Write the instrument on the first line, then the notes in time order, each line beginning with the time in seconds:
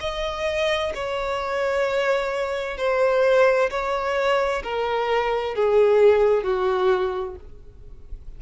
violin
0.00 D#5
0.94 C#5
2.77 C5
3.70 C#5
4.63 A#4
5.55 G#4
6.43 F#4